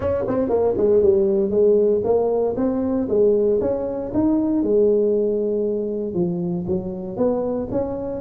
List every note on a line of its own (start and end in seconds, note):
0.00 0.24 C#4
0.27 0.49 C4
0.49 0.74 A#3
0.77 1.02 G#3
1.02 1.50 G3
1.50 2.01 G#3
2.03 2.55 A#3
2.56 3.07 C4
3.08 3.59 G#3
3.60 4.12 C#4
4.14 4.62 D#4
4.62 6.14 G#3
6.14 6.65 F3
6.67 7.16 F#3
7.16 7.68 B3
7.71 8.21 C#4